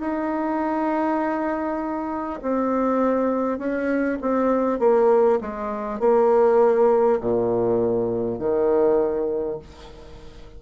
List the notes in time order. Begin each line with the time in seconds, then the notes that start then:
0.00 D#4
2.42 C4
3.58 C#4
4.21 C4
4.79 A#3
5.41 G#3
5.99 A#3
7.20 A#2
8.38 D#3